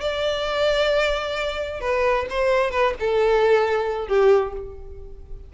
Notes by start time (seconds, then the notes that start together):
0.00 D5
1.80 B4
2.29 C5
2.70 B4
2.99 A4
4.07 G4